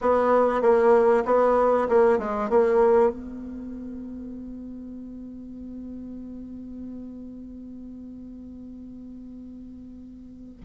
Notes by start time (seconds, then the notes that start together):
0.01 B3
0.61 A#3
1.25 B3
1.89 A#3
2.18 G#3
2.49 A#3
3.10 B3